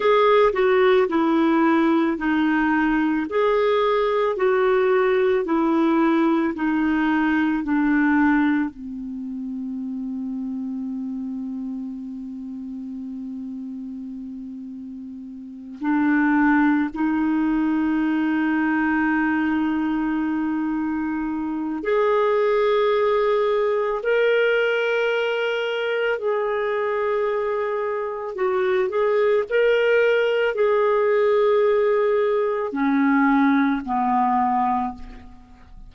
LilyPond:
\new Staff \with { instrumentName = "clarinet" } { \time 4/4 \tempo 4 = 55 gis'8 fis'8 e'4 dis'4 gis'4 | fis'4 e'4 dis'4 d'4 | c'1~ | c'2~ c'8 d'4 dis'8~ |
dis'1 | gis'2 ais'2 | gis'2 fis'8 gis'8 ais'4 | gis'2 cis'4 b4 | }